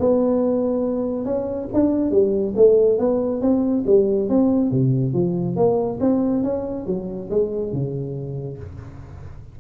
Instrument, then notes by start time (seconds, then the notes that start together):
tuba
0.00 B3
1.25 C#4
1.74 D4
2.11 G3
2.56 A3
2.99 B3
3.42 C4
3.87 G3
4.29 C4
4.71 C3
5.14 F3
5.56 A#3
6.01 C4
6.44 C#4
6.87 F#3
7.30 G#3
7.73 C#3